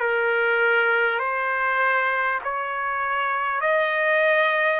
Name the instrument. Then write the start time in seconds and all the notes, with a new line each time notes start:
trumpet
0.00 A#4
1.19 C5
2.44 C#5
3.61 D#5